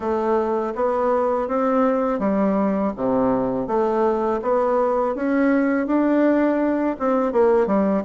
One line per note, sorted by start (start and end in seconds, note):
0.00 0.73 A3
0.75 1.48 B3
1.48 2.19 C4
2.19 2.92 G3
2.96 3.67 C3
3.67 4.40 A3
4.41 5.15 B3
5.15 5.86 C#4
5.86 6.96 D4
6.99 7.32 C4
7.32 7.67 A#3
7.67 8.03 G3